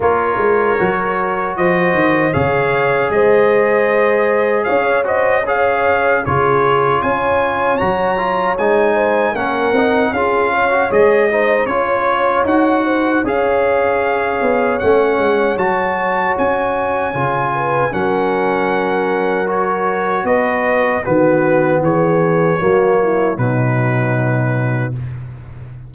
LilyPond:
<<
  \new Staff \with { instrumentName = "trumpet" } { \time 4/4 \tempo 4 = 77 cis''2 dis''4 f''4 | dis''2 f''8 dis''8 f''4 | cis''4 gis''4 ais''4 gis''4 | fis''4 f''4 dis''4 cis''4 |
fis''4 f''2 fis''4 | a''4 gis''2 fis''4~ | fis''4 cis''4 dis''4 b'4 | cis''2 b'2 | }
  \new Staff \with { instrumentName = "horn" } { \time 4/4 ais'2 c''4 cis''4 | c''2 cis''8 c''8 cis''4 | gis'4 cis''2~ cis''8 c''8 | ais'4 gis'8 cis''4 c''8 cis''4~ |
cis''8 c''8 cis''2.~ | cis''2~ cis''8 b'8 ais'4~ | ais'2 b'4 fis'4 | gis'4 fis'8 e'8 dis'2 | }
  \new Staff \with { instrumentName = "trombone" } { \time 4/4 f'4 fis'2 gis'4~ | gis'2~ gis'8 fis'8 gis'4 | f'2 fis'8 f'8 dis'4 | cis'8 dis'8 f'8. fis'16 gis'8 dis'8 f'4 |
fis'4 gis'2 cis'4 | fis'2 f'4 cis'4~ | cis'4 fis'2 b4~ | b4 ais4 fis2 | }
  \new Staff \with { instrumentName = "tuba" } { \time 4/4 ais8 gis8 fis4 f8 dis8 cis4 | gis2 cis'2 | cis4 cis'4 fis4 gis4 | ais8 c'8 cis'4 gis4 cis'4 |
dis'4 cis'4. b8 a8 gis8 | fis4 cis'4 cis4 fis4~ | fis2 b4 dis4 | e4 fis4 b,2 | }
>>